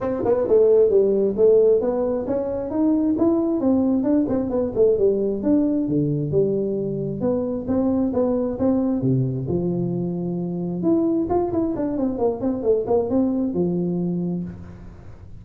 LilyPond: \new Staff \with { instrumentName = "tuba" } { \time 4/4 \tempo 4 = 133 c'8 b8 a4 g4 a4 | b4 cis'4 dis'4 e'4 | c'4 d'8 c'8 b8 a8 g4 | d'4 d4 g2 |
b4 c'4 b4 c'4 | c4 f2. | e'4 f'8 e'8 d'8 c'8 ais8 c'8 | a8 ais8 c'4 f2 | }